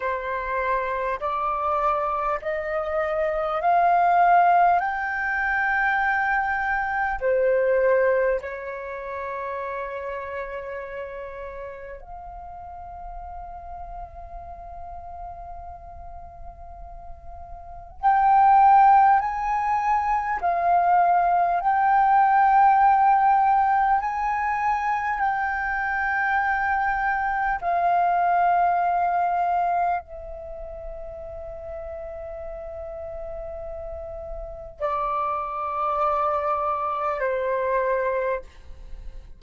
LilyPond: \new Staff \with { instrumentName = "flute" } { \time 4/4 \tempo 4 = 50 c''4 d''4 dis''4 f''4 | g''2 c''4 cis''4~ | cis''2 f''2~ | f''2. g''4 |
gis''4 f''4 g''2 | gis''4 g''2 f''4~ | f''4 e''2.~ | e''4 d''2 c''4 | }